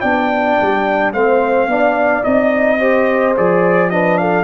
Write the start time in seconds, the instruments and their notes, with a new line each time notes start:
0.00 tuba B3, trombone D4, horn D5, trumpet G5
0.61 tuba G3
1.12 tuba A3, trombone C4, horn C5, trumpet F5
1.66 tuba B3, trombone D4, horn D5
2.23 tuba C4, trombone D#4, trumpet D#5
2.79 trombone G4, horn C5
3.36 tuba F3, trombone G#4, trumpet D5
3.90 trombone D4, horn B4, trumpet D#5
4.17 horn A4, trumpet F5